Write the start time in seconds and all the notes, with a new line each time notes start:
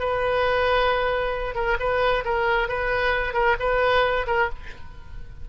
0.00 B4
1.55 A#4
1.80 B4
2.25 A#4
2.69 B4
3.34 A#4
3.60 B4
4.27 A#4